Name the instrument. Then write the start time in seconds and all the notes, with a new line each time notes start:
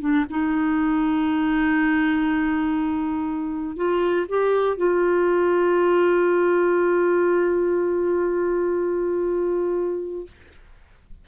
clarinet
0.00 D4
0.30 D#4
3.76 F4
4.28 G4
4.77 F4